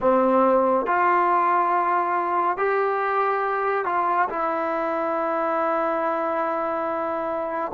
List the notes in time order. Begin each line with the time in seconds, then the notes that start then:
0.00 C4
0.86 F4
2.57 G4
3.85 F4
4.29 E4